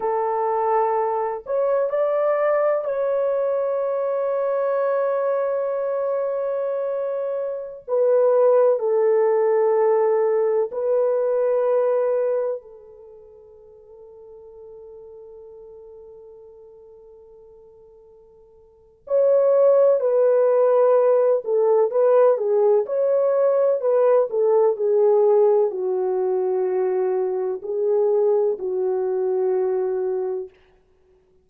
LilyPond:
\new Staff \with { instrumentName = "horn" } { \time 4/4 \tempo 4 = 63 a'4. cis''8 d''4 cis''4~ | cis''1~ | cis''16 b'4 a'2 b'8.~ | b'4~ b'16 a'2~ a'8.~ |
a'1 | cis''4 b'4. a'8 b'8 gis'8 | cis''4 b'8 a'8 gis'4 fis'4~ | fis'4 gis'4 fis'2 | }